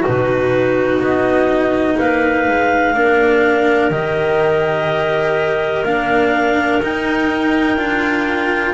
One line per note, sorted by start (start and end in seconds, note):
0.00 2.95 D#4
0.00 1.94 F#4
0.00 1.02 B4
0.08 1.00 B2
1.00 1.97 B3
1.00 1.99 D#5
1.98 2.49 A#3
1.98 2.95 B4
1.98 3.91 F5
2.49 2.94 G#3
2.94 3.91 A#3
2.94 3.91 D4
2.94 8.74 A#4
3.91 5.84 D#3
3.91 5.85 G4
3.91 5.85 D#5
5.84 6.81 A#3
5.84 6.82 D4
5.84 6.82 F5
6.82 7.77 D#4
6.82 7.78 D#4
6.82 8.74 G5
7.77 8.74 D4
7.77 8.74 F4